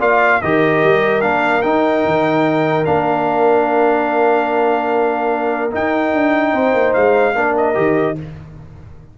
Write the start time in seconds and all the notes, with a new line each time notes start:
0.00 A#3 F4 D5 F5
0.42 D#3 G4 A#4 D#5
0.84 G3
1.22 A#3 D4 F5
1.63 D#4 G5
2.06 D#3
2.85 A#3 D4 F5
5.72 D#4 G5
6.14 D4
6.54 C4 C5
6.74 A#3
6.94 G#3 F5
7.35 A#3 D4 A#4
7.57 D#5
7.75 D#3 G4